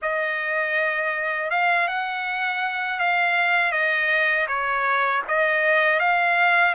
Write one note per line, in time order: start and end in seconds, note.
0.02 1.50 D#5
1.50 1.88 F5
1.88 2.99 F#5
2.99 3.71 F5
3.71 4.46 D#5
4.47 5.22 C#5
5.27 5.99 D#5
5.99 6.74 F5